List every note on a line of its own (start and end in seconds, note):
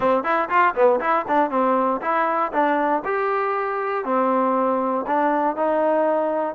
0.00 0.23 C4
0.23 0.49 E4
0.49 0.74 F4
0.74 1.00 B3
1.00 1.25 E4
1.28 1.50 D4
1.50 2.00 C4
2.01 2.52 E4
2.52 3.02 D4
3.04 4.04 G4
4.04 5.05 C4
5.06 5.56 D4
5.56 6.55 D#4